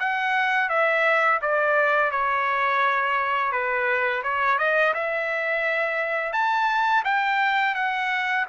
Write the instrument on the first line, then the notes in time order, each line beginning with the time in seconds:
trumpet
0.00 F#5
0.70 E5
1.42 D5
2.12 C#5
3.52 B4
4.24 C#5
4.59 D#5
4.94 E5
6.33 A5
7.05 G5
7.75 F#5